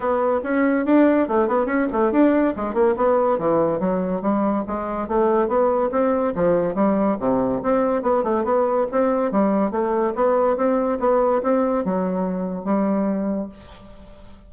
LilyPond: \new Staff \with { instrumentName = "bassoon" } { \time 4/4 \tempo 4 = 142 b4 cis'4 d'4 a8 b8 | cis'8 a8 d'4 gis8 ais8 b4 | e4 fis4 g4 gis4 | a4 b4 c'4 f4 |
g4 c4 c'4 b8 a8 | b4 c'4 g4 a4 | b4 c'4 b4 c'4 | fis2 g2 | }